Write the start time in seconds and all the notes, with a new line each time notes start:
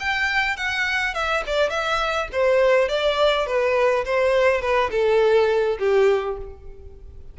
0.00 G5
0.57 F#5
1.14 E5
1.47 D5
1.70 E5
2.32 C5
2.89 D5
3.47 B4
4.05 C5
4.61 B4
4.91 A4
5.79 G4